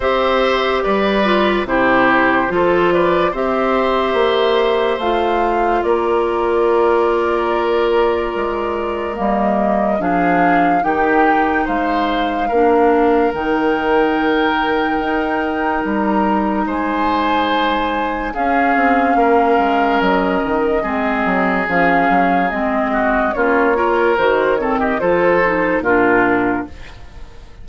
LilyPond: <<
  \new Staff \with { instrumentName = "flute" } { \time 4/4 \tempo 4 = 72 e''4 d''4 c''4. d''8 | e''2 f''4 d''4~ | d''2. dis''4 | f''4 g''4 f''2 |
g''2. ais''4 | gis''2 f''2 | dis''2 f''4 dis''4 | cis''4 c''8 cis''16 dis''16 c''4 ais'4 | }
  \new Staff \with { instrumentName = "oboe" } { \time 4/4 c''4 b'4 g'4 a'8 b'8 | c''2. ais'4~ | ais'1 | gis'4 g'4 c''4 ais'4~ |
ais'1 | c''2 gis'4 ais'4~ | ais'4 gis'2~ gis'8 fis'8 | f'8 ais'4 a'16 g'16 a'4 f'4 | }
  \new Staff \with { instrumentName = "clarinet" } { \time 4/4 g'4. f'8 e'4 f'4 | g'2 f'2~ | f'2. ais4 | d'4 dis'2 d'4 |
dis'1~ | dis'2 cis'2~ | cis'4 c'4 cis'4 c'4 | cis'8 f'8 fis'8 c'8 f'8 dis'8 d'4 | }
  \new Staff \with { instrumentName = "bassoon" } { \time 4/4 c'4 g4 c4 f4 | c'4 ais4 a4 ais4~ | ais2 gis4 g4 | f4 dis4 gis4 ais4 |
dis2 dis'4 g4 | gis2 cis'8 c'8 ais8 gis8 | fis8 dis8 gis8 fis8 f8 fis8 gis4 | ais4 dis4 f4 ais,4 | }
>>